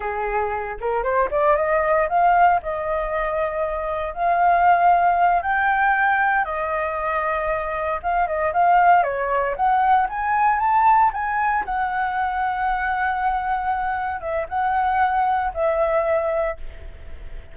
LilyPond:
\new Staff \with { instrumentName = "flute" } { \time 4/4 \tempo 4 = 116 gis'4. ais'8 c''8 d''8 dis''4 | f''4 dis''2. | f''2~ f''8 g''4.~ | g''8 dis''2. f''8 |
dis''8 f''4 cis''4 fis''4 gis''8~ | gis''8 a''4 gis''4 fis''4.~ | fis''2.~ fis''8 e''8 | fis''2 e''2 | }